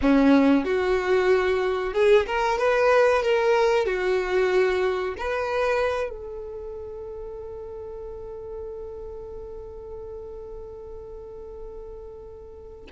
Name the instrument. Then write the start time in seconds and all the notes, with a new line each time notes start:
violin
0.01 C#4
0.65 F#4
1.93 G#4
2.26 A#4
2.58 B4
3.22 A#4
3.86 F#4
5.17 B4
6.09 A4